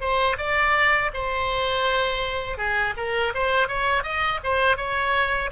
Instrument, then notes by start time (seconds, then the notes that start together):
oboe
0.00 C5
0.37 D5
1.13 C5
2.57 G#4
2.96 A#4
3.34 C5
3.68 C#5
4.03 D#5
4.44 C5
4.77 C#5